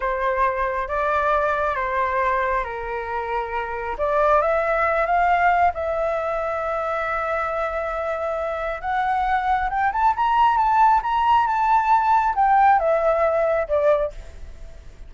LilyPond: \new Staff \with { instrumentName = "flute" } { \time 4/4 \tempo 4 = 136 c''2 d''2 | c''2 ais'2~ | ais'4 d''4 e''4. f''8~ | f''4 e''2.~ |
e''1 | fis''2 g''8 a''8 ais''4 | a''4 ais''4 a''2 | g''4 e''2 d''4 | }